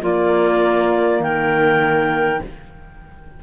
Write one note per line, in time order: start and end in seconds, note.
0.00 2.40 A#3
0.00 1.20 A#3
0.00 1.22 F4
0.00 1.23 D5
1.20 2.40 D#3
1.20 2.42 A#4
1.20 2.43 G5